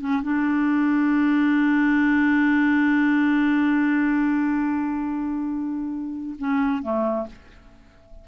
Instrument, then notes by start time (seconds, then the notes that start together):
clarinet
0.00 C#4
0.22 D4
6.38 C#4
6.83 A3